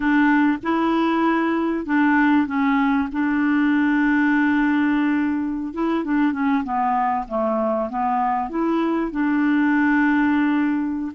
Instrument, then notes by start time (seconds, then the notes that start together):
clarinet
0.00 D4
0.62 E4
1.85 D4
2.46 C#4
3.12 D4
5.73 E4
6.04 D4
6.32 C#4
6.64 B3
7.28 A3
7.89 B3
8.49 E4
9.11 D4